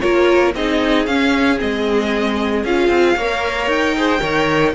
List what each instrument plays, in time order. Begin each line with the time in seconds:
0.00 cello A#3, viola F4, violin A#4 C#5
0.55 cello C4, viola D#4, violin G#4 D#5
1.06 viola C#4, cello C#4, violin F5
1.58 cello G#3, viola C4, violin D#5
2.64 cello C#4, viola F4, violin F5
2.89 cello C4
3.16 cello A#3, viola A#4, violin C#5
3.67 cello D#4, violin G5
3.96 viola G#4, violin C5
4.20 cello D#3, viola A#4, violin C#5